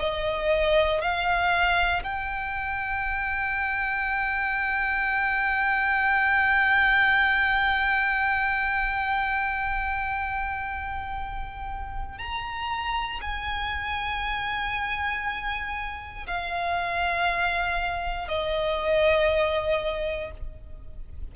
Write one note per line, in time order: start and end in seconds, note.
0.00 1.01 D#5
1.01 2.03 F5
2.04 12.19 G5
12.19 13.21 A#5
13.22 16.27 G#5
16.27 18.28 F5
18.28 20.32 D#5